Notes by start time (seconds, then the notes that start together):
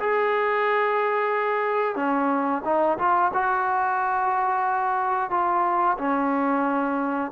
0.00 G#4
1.96 C#4
2.65 D#4
2.99 F4
3.34 F#4
5.31 F4
5.98 C#4